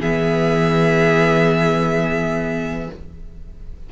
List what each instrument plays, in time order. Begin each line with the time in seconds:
0.00 cello E3, viola B3, violin G#4 E5